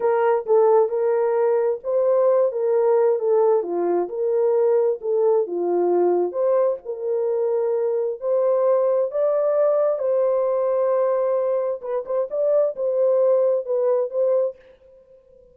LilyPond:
\new Staff \with { instrumentName = "horn" } { \time 4/4 \tempo 4 = 132 ais'4 a'4 ais'2 | c''4. ais'4. a'4 | f'4 ais'2 a'4 | f'2 c''4 ais'4~ |
ais'2 c''2 | d''2 c''2~ | c''2 b'8 c''8 d''4 | c''2 b'4 c''4 | }